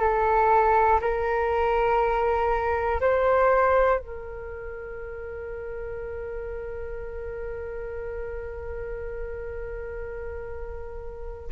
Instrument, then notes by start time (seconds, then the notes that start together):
flute
0.00 A4
1.01 A#4
3.01 C5
4.00 A#4